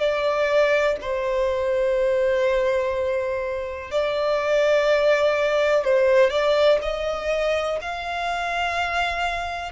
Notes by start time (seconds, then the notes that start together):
0.00 D5
1.01 C5
3.91 D5
5.84 C5
6.30 D5
6.82 D#5
7.81 F5